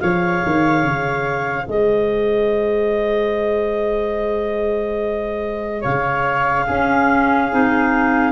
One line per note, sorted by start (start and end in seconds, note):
0.00 0.45 F3
0.00 6.68 G#4
0.00 1.65 C#5
0.00 1.67 F5
0.46 0.84 D#3
0.84 1.67 C#3
1.65 5.85 G#3
1.65 5.81 C5
1.65 5.84 D#5
5.81 6.68 C#3
5.81 6.64 C#5
5.81 8.32 F5
6.67 7.52 C#4
6.67 8.32 G#4
7.52 8.32 C4
7.52 8.32 D#4